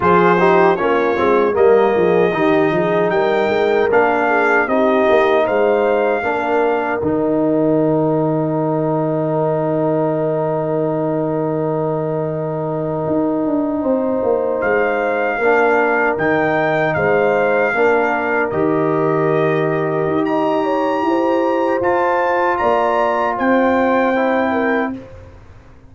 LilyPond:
<<
  \new Staff \with { instrumentName = "trumpet" } { \time 4/4 \tempo 4 = 77 c''4 cis''4 dis''2 | g''4 f''4 dis''4 f''4~ | f''4 g''2.~ | g''1~ |
g''2~ g''8. f''4~ f''16~ | f''8. g''4 f''2 dis''16~ | dis''2 ais''2 | a''4 ais''4 g''2 | }
  \new Staff \with { instrumentName = "horn" } { \time 4/4 gis'8 g'8 f'4 ais'8 gis'8 g'8 gis'8 | ais'4. gis'8 g'4 c''4 | ais'1~ | ais'1~ |
ais'4.~ ais'16 c''2 ais'16~ | ais'4.~ ais'16 c''4 ais'4~ ais'16~ | ais'2 dis''8 cis''8 c''4~ | c''4 d''4 c''4. ais'8 | }
  \new Staff \with { instrumentName = "trombone" } { \time 4/4 f'8 dis'8 cis'8 c'8 ais4 dis'4~ | dis'4 d'4 dis'2 | d'4 dis'2.~ | dis'1~ |
dis'2.~ dis'8. d'16~ | d'8. dis'2 d'4 g'16~ | g'1 | f'2. e'4 | }
  \new Staff \with { instrumentName = "tuba" } { \time 4/4 f4 ais8 gis8 g8 f8 dis8 f8 | g8 gis8 ais4 c'8 ais8 gis4 | ais4 dis2.~ | dis1~ |
dis8. dis'8 d'8 c'8 ais8 gis4 ais16~ | ais8. dis4 gis4 ais4 dis16~ | dis4.~ dis16 dis'4~ dis'16 e'4 | f'4 ais4 c'2 | }
>>